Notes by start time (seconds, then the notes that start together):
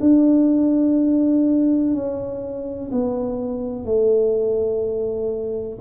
0.00 D4
1.94 C#4
2.91 B3
3.84 A3